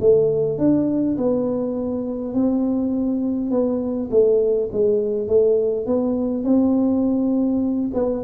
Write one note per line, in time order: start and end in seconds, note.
0.00 0.59 A3
0.59 1.17 D4
1.18 2.34 B3
2.34 3.51 C4
3.51 4.10 B3
4.11 4.70 A3
4.73 5.28 G#3
5.28 5.87 A3
5.87 6.44 B3
6.44 7.91 C4
7.94 8.24 B3